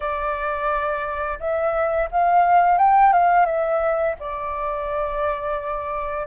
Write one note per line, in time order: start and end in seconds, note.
0.00 1.38 D5
1.39 2.09 E5
2.11 2.78 F5
2.78 3.12 G5
3.12 3.45 F5
3.45 4.15 E5
4.19 6.26 D5